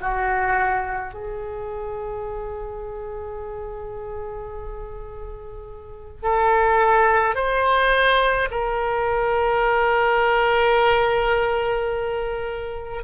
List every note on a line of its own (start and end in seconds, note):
0.00 1.13 F#4
1.14 6.23 G#4
6.23 7.35 A4
7.35 8.49 C5
8.51 13.03 A#4